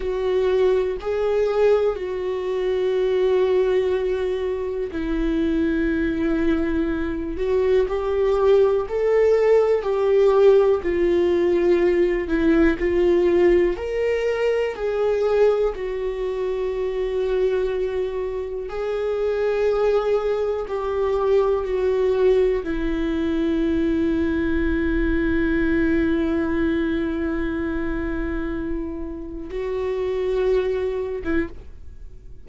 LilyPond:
\new Staff \with { instrumentName = "viola" } { \time 4/4 \tempo 4 = 61 fis'4 gis'4 fis'2~ | fis'4 e'2~ e'8 fis'8 | g'4 a'4 g'4 f'4~ | f'8 e'8 f'4 ais'4 gis'4 |
fis'2. gis'4~ | gis'4 g'4 fis'4 e'4~ | e'1~ | e'2 fis'4.~ fis'16 e'16 | }